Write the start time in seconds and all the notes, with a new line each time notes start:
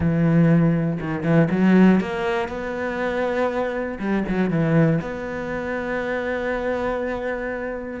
0.00 E3
1.00 D#3
1.23 E3
1.50 F#3
2.00 A#3
2.48 B3
3.99 G3
4.28 F#3
4.50 E3
5.01 B3